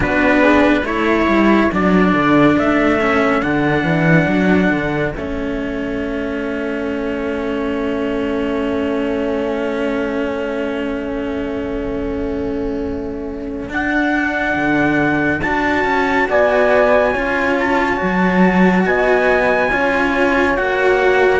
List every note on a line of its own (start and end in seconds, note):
0.00 0.82 B3
0.00 0.84 D4
0.00 0.42 F#4
0.00 0.85 B4
0.42 0.84 G#4
0.83 1.26 A3
0.83 1.71 E4
0.83 16.27 A4
0.83 1.71 C#5
1.27 1.70 G3
1.72 2.13 F#3
1.72 3.00 D4
1.72 2.58 D5
2.13 2.56 D3
2.57 3.41 A3
2.57 3.41 E5
3.00 3.42 C#4
3.41 3.83 D3
3.41 5.14 D4
3.41 5.12 F#5
3.83 4.26 E3
4.27 4.70 F#3
4.70 5.13 D3
5.12 13.69 A3
5.12 13.69 C#4
5.12 13.69 E5
13.69 15.40 D4
13.69 14.54 D4
13.69 15.42 F#5
14.56 15.41 D3
15.42 15.84 D4
15.42 17.14 F#4
15.42 16.27 A5
15.84 16.27 C#4
16.29 17.15 B3
16.29 17.12 D5
16.29 17.58 G#5
17.12 18.00 C#4
17.12 17.96 F4
17.12 18.84 C#5
17.59 18.85 A5
17.96 18.85 F#3
17.96 19.67 F#4
18.85 19.71 B3
18.85 19.71 D#5
18.85 20.56 G#5
19.71 20.58 C#4
19.71 20.56 F4
19.71 21.39 C#5
20.56 21.39 A#3
20.56 21.39 F#4
20.56 21.39 F#5